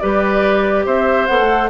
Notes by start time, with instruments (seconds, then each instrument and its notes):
0.00 bassoon G3, clarinet G4, oboe B4, flute D5
0.86 bassoon C4, oboe C5, flute E5
1.27 bassoon B3, clarinet A4, flute F#5
1.40 bassoon A3